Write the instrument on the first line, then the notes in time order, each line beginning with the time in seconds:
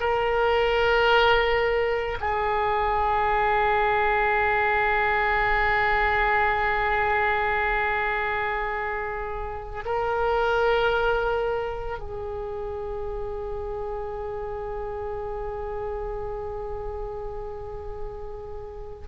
oboe
0.00 A#4
2.21 G#4
9.85 A#4
11.99 G#4